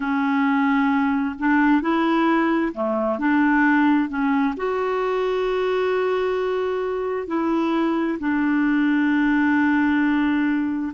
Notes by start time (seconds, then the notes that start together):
0.00 C#4
1.38 D4
1.81 E4
2.73 A3
3.19 D4
4.09 C#4
4.56 F#4
7.27 E4
8.19 D4